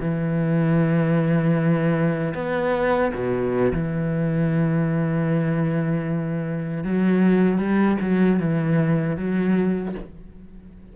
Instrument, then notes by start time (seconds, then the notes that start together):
cello
0.00 E3
2.34 B3
3.14 B2
3.73 E3
6.84 F#3
7.58 G3
8.01 F#3
8.39 E3
9.17 F#3